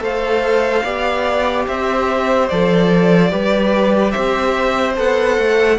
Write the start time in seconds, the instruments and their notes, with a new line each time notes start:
0.00 cello A3, viola A4, violin C5 F5
0.84 cello B3, viola G4, violin D5
1.67 cello C4, violin C5 E5
2.49 cello F3, viola A4, violin D5
3.29 cello G3, viola G4, violin B4
4.11 cello C4, violin C5 E5
4.97 cello B3, viola A4, violin F#5
5.38 cello A3